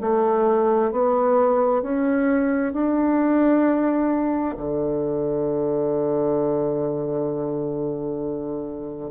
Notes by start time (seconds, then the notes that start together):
0.00 A3
0.91 B3
1.82 C#4
2.73 D4
4.57 D3